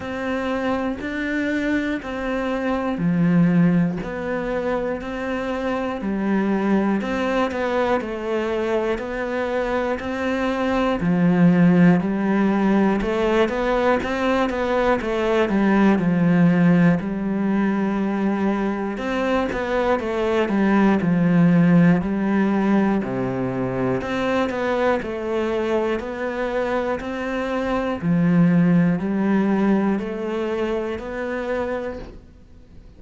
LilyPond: \new Staff \with { instrumentName = "cello" } { \time 4/4 \tempo 4 = 60 c'4 d'4 c'4 f4 | b4 c'4 g4 c'8 b8 | a4 b4 c'4 f4 | g4 a8 b8 c'8 b8 a8 g8 |
f4 g2 c'8 b8 | a8 g8 f4 g4 c4 | c'8 b8 a4 b4 c'4 | f4 g4 a4 b4 | }